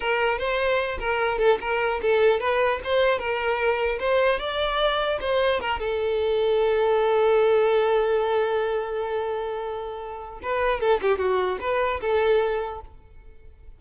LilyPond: \new Staff \with { instrumentName = "violin" } { \time 4/4 \tempo 4 = 150 ais'4 c''4. ais'4 a'8 | ais'4 a'4 b'4 c''4 | ais'2 c''4 d''4~ | d''4 c''4 ais'8 a'4.~ |
a'1~ | a'1~ | a'2 b'4 a'8 g'8 | fis'4 b'4 a'2 | }